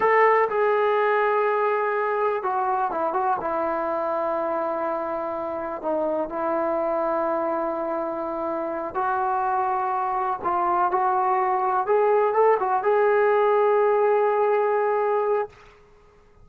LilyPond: \new Staff \with { instrumentName = "trombone" } { \time 4/4 \tempo 4 = 124 a'4 gis'2.~ | gis'4 fis'4 e'8 fis'8 e'4~ | e'1 | dis'4 e'2.~ |
e'2~ e'8 fis'4.~ | fis'4. f'4 fis'4.~ | fis'8 gis'4 a'8 fis'8 gis'4.~ | gis'1 | }